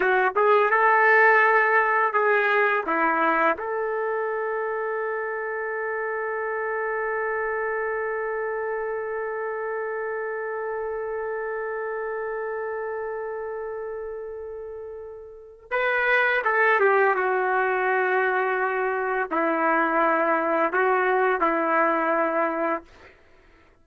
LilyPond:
\new Staff \with { instrumentName = "trumpet" } { \time 4/4 \tempo 4 = 84 fis'8 gis'8 a'2 gis'4 | e'4 a'2.~ | a'1~ | a'1~ |
a'1~ | a'2 b'4 a'8 g'8 | fis'2. e'4~ | e'4 fis'4 e'2 | }